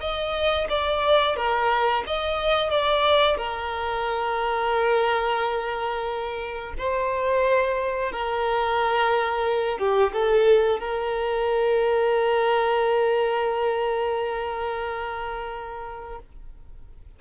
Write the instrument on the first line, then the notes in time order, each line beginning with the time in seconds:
violin
0.00 D#5
0.69 D5
1.36 A#4
2.07 D#5
2.70 D5
3.37 A#4
6.78 C5
8.12 A#4
9.78 G4
10.13 A4
10.80 A#4